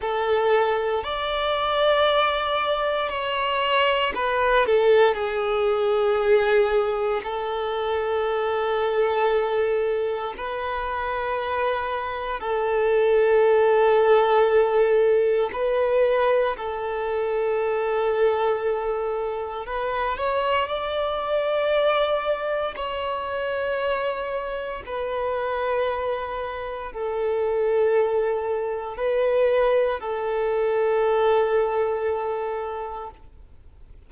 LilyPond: \new Staff \with { instrumentName = "violin" } { \time 4/4 \tempo 4 = 58 a'4 d''2 cis''4 | b'8 a'8 gis'2 a'4~ | a'2 b'2 | a'2. b'4 |
a'2. b'8 cis''8 | d''2 cis''2 | b'2 a'2 | b'4 a'2. | }